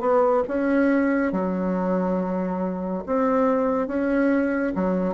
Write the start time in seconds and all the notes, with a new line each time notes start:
0.00 B3
0.48 C#4
1.32 F#3
3.06 C4
3.87 C#4
4.75 F#3